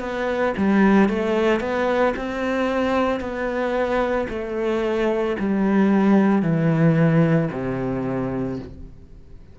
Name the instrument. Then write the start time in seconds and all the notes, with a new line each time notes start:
cello
0.00 B3
0.57 G3
1.09 A3
1.60 B3
2.16 C4
3.20 B3
4.29 A3
5.39 G3
6.42 E3
7.52 C3